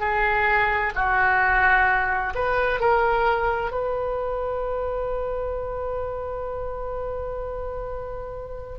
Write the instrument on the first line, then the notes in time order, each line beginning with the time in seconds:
oboe
0.00 G#4
0.95 F#4
2.35 B4
2.80 A#4
3.71 B4